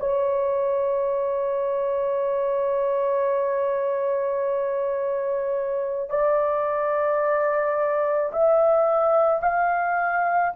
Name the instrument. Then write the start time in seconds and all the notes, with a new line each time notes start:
horn
0.00 C#5
6.10 D5
8.33 E5
9.42 F5